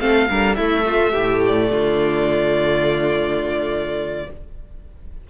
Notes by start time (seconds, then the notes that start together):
0.00 A3 C4 A4 F5
0.30 D3 G3 A#4
0.55 A3 E4 E5
0.86 F4
1.12 A2 G4
1.47 D5
1.71 D3 F4